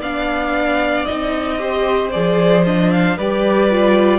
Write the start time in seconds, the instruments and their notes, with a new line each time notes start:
0.00 cello B3, viola D4, violin D5 F5
1.05 cello C4, viola D#4, violin D#5
1.58 viola G4, violin C5
2.11 cello F3, viola G#4, violin D5
2.65 viola D4, violin D#5
2.91 violin F5
3.17 cello G3, viola G4, violin B4 D5
3.70 viola F4